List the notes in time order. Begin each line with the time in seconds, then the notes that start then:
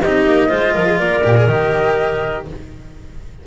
0.00 C4 D#4 G4 D#5
0.26 A#3
0.47 G#3 F4 C5
0.74 F3 A#4
0.86 G#4
0.98 A#3 A#4 D5
1.23 A#2 G4
1.36 G#4
1.47 D#3 G4 D#5